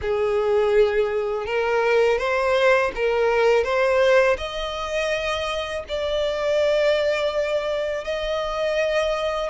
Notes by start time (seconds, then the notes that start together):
0.01 G#4
1.46 A#4
2.18 C5
2.95 A#4
3.64 C5
4.37 D#5
5.88 D5
8.04 D#5